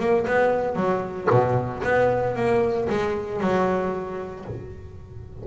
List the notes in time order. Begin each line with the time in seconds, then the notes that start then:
0.00 A#3
0.28 B3
0.76 F#3
1.30 B2
1.84 B3
2.36 A#3
2.90 G#3
3.41 F#3